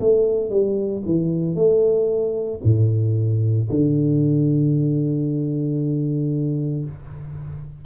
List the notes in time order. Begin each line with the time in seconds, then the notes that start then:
0.00 A3
0.50 G3
1.06 E3
1.56 A3
2.64 A2
3.70 D3